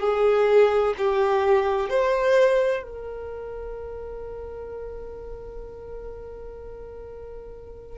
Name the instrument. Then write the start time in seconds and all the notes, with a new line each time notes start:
violin
0.00 G#4
0.97 G4
1.89 C5
2.83 A#4